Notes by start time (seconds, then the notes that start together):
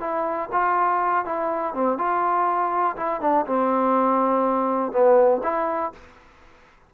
0.00 E4
0.52 F4
1.25 E4
1.74 C4
1.98 F4
2.96 E4
3.21 D4
3.46 C4
4.92 B3
5.43 E4